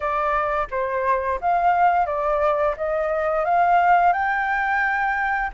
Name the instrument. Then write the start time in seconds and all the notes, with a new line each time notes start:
flute
0.00 D5
0.71 C5
1.40 F5
2.06 D5
2.76 D#5
3.44 F5
4.12 G5